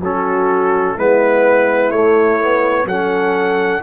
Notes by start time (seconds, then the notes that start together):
0.00 F#3 C#4 F#4 A4
0.96 G#3 B3 E4 B4
1.90 A3 C#5
2.40 B3
2.85 F#3 C#4 A4 F#5